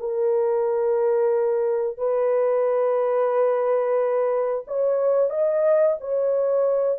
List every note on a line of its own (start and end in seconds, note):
0.00 1.98 A#4
1.98 4.64 B4
4.67 5.30 C#5
5.30 5.97 D#5
6.01 6.98 C#5